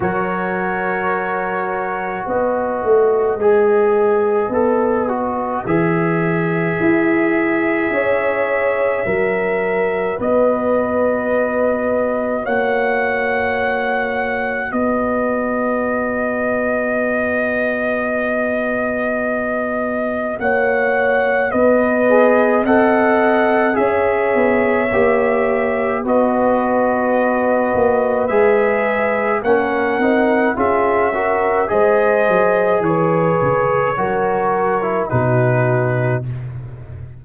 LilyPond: <<
  \new Staff \with { instrumentName = "trumpet" } { \time 4/4 \tempo 4 = 53 cis''2 dis''2~ | dis''4 e''2.~ | e''4 dis''2 fis''4~ | fis''4 dis''2.~ |
dis''2 fis''4 dis''4 | fis''4 e''2 dis''4~ | dis''4 e''4 fis''4 e''4 | dis''4 cis''2 b'4 | }
  \new Staff \with { instrumentName = "horn" } { \time 4/4 ais'2 b'2~ | b'2. cis''4 | ais'4 b'2 cis''4~ | cis''4 b'2.~ |
b'2 cis''4 b'4 | dis''4 cis''2 b'4~ | b'2 ais'4 gis'8 ais'8 | c''4 b'4 ais'4 fis'4 | }
  \new Staff \with { instrumentName = "trombone" } { \time 4/4 fis'2. gis'4 | a'8 fis'8 gis'2. | fis'1~ | fis'1~ |
fis'2.~ fis'8 gis'8 | a'4 gis'4 g'4 fis'4~ | fis'4 gis'4 cis'8 dis'8 f'8 fis'8 | gis'2 fis'8. e'16 dis'4 | }
  \new Staff \with { instrumentName = "tuba" } { \time 4/4 fis2 b8 a8 gis4 | b4 e4 e'4 cis'4 | fis4 b2 ais4~ | ais4 b2.~ |
b2 ais4 b4 | c'4 cis'8 b8 ais4 b4~ | b8 ais8 gis4 ais8 c'8 cis'4 | gis8 fis8 e8 cis8 fis4 b,4 | }
>>